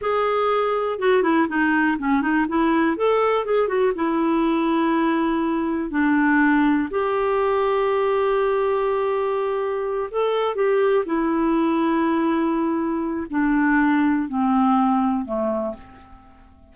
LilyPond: \new Staff \with { instrumentName = "clarinet" } { \time 4/4 \tempo 4 = 122 gis'2 fis'8 e'8 dis'4 | cis'8 dis'8 e'4 a'4 gis'8 fis'8 | e'1 | d'2 g'2~ |
g'1~ | g'8 a'4 g'4 e'4.~ | e'2. d'4~ | d'4 c'2 a4 | }